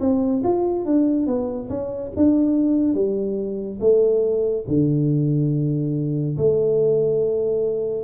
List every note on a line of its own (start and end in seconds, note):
0.00 0.42 C4
0.44 0.86 F4
0.86 1.27 D4
1.27 1.69 B3
1.69 2.11 C#4
2.16 2.94 D4
2.94 3.79 G3
3.80 4.65 A3
4.68 6.37 D3
6.37 8.04 A3